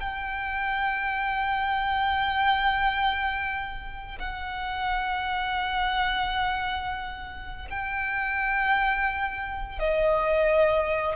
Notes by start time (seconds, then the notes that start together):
0.00 G5
4.19 F#5
7.70 G5
9.79 D#5